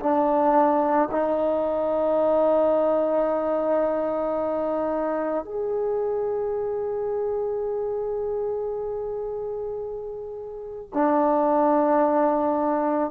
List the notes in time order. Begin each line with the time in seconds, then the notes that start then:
0.00 D4
1.12 D#4
5.44 G#4
10.94 D4